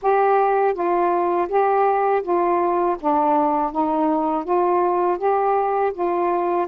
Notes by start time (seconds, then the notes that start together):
0.02 G4
0.73 F4
1.48 G4
2.22 F4
3.00 D4
3.72 D#4
4.44 F4
5.18 G4
5.93 F4